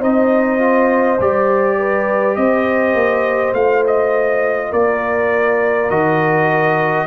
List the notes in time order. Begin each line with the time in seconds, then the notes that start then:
0.00 C4 D#4 C5 D#5
0.58 F4
1.20 G3 G4 D5
1.78 B4
2.36 C4 C5 D#5
2.94 A#3
3.54 A3 F4 F5
3.87 D#5
4.71 A#3 A#4 D5
5.89 D#3 F#4 D#5